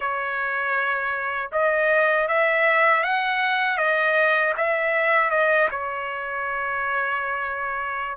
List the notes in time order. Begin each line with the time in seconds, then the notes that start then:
0.00 C#5
1.52 D#5
2.28 E5
3.03 F#5
3.77 D#5
4.57 E5
5.30 D#5
5.70 C#5